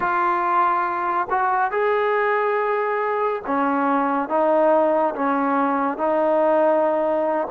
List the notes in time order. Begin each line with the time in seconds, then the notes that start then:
0.00 F4
1.29 F#4
1.71 G#4
3.46 C#4
4.28 D#4
5.15 C#4
5.97 D#4